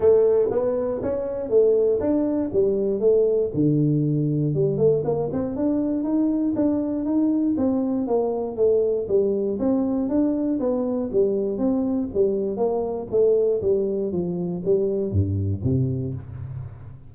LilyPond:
\new Staff \with { instrumentName = "tuba" } { \time 4/4 \tempo 4 = 119 a4 b4 cis'4 a4 | d'4 g4 a4 d4~ | d4 g8 a8 ais8 c'8 d'4 | dis'4 d'4 dis'4 c'4 |
ais4 a4 g4 c'4 | d'4 b4 g4 c'4 | g4 ais4 a4 g4 | f4 g4 g,4 c4 | }